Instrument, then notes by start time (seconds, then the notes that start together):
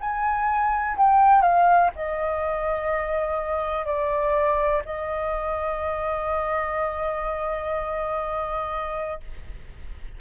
flute
0.00 G#5
0.97 G5
1.41 F5
1.95 D#5
3.85 D5
4.85 D#5